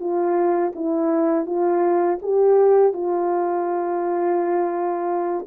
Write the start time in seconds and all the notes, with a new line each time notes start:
0.00 F4
0.75 E4
1.46 F4
2.22 G4
2.93 F4